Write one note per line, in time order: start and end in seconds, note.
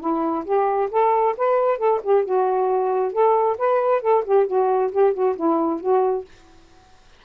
0.00 0.44 E4
0.45 0.89 G4
0.91 1.35 A4
1.37 1.78 B4
1.78 2.00 A4
2.04 2.25 G4
2.25 3.13 F#4
3.13 3.57 A4
3.58 4.02 B4
4.02 4.24 A4
4.25 4.47 G4
4.47 4.92 F#4
4.92 5.14 G4
5.14 5.36 F#4
5.36 5.81 E4
5.81 6.25 F#4